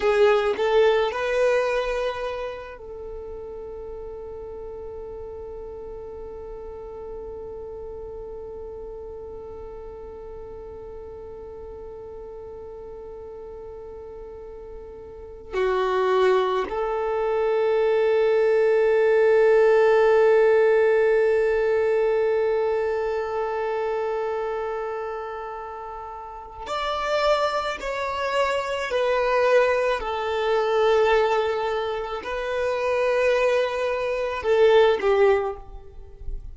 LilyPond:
\new Staff \with { instrumentName = "violin" } { \time 4/4 \tempo 4 = 54 gis'8 a'8 b'4. a'4.~ | a'1~ | a'1~ | a'2 fis'4 a'4~ |
a'1~ | a'1 | d''4 cis''4 b'4 a'4~ | a'4 b'2 a'8 g'8 | }